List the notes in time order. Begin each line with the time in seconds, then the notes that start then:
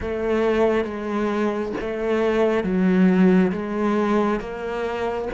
0.00 A3
0.84 G#3
1.80 A3
2.63 F#3
3.51 G#3
4.40 A#3